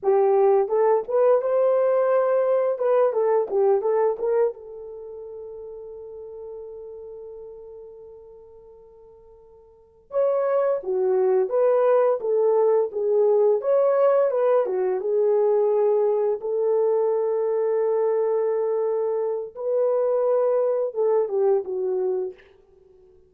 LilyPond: \new Staff \with { instrumentName = "horn" } { \time 4/4 \tempo 4 = 86 g'4 a'8 b'8 c''2 | b'8 a'8 g'8 a'8 ais'8 a'4.~ | a'1~ | a'2~ a'8 cis''4 fis'8~ |
fis'8 b'4 a'4 gis'4 cis''8~ | cis''8 b'8 fis'8 gis'2 a'8~ | a'1 | b'2 a'8 g'8 fis'4 | }